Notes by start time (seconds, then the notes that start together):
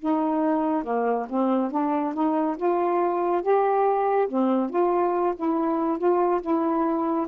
0.00 D#4
0.84 A#3
1.29 C4
1.71 D4
2.14 D#4
2.58 F4
3.42 G4
4.29 C4
4.70 F4
5.36 E4
5.98 F4
6.42 E4